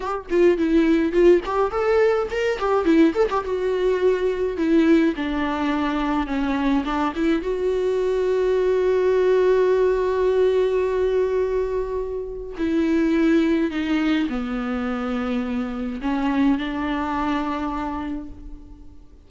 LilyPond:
\new Staff \with { instrumentName = "viola" } { \time 4/4 \tempo 4 = 105 g'8 f'8 e'4 f'8 g'8 a'4 | ais'8 g'8 e'8 a'16 g'16 fis'2 | e'4 d'2 cis'4 | d'8 e'8 fis'2.~ |
fis'1~ | fis'2 e'2 | dis'4 b2. | cis'4 d'2. | }